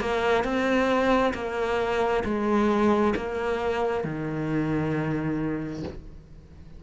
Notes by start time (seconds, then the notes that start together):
0.00 A#3
0.44 C4
1.34 A#3
2.24 G#3
3.15 A#3
4.03 D#3